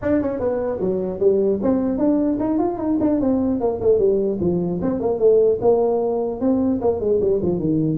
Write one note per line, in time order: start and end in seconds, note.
0.02 0.21 D4
0.21 0.39 C#4
0.39 0.79 B3
0.80 1.19 F#3
1.19 1.59 G3
1.62 1.98 C4
1.98 2.38 D4
2.39 2.58 D#4
2.58 2.77 F4
2.77 2.97 D#4
3.00 3.20 D4
3.20 3.60 C4
3.60 3.80 A#3
3.80 3.99 A3
3.99 4.39 G3
4.40 4.80 F3
4.81 5.00 C4
5.00 5.19 A#3
5.19 5.59 A3
5.61 6.40 A#3
6.40 6.80 C4
6.81 7.00 A#3
7.00 7.20 G#3
7.20 7.40 G3
7.42 7.59 F3
7.59 7.97 D#3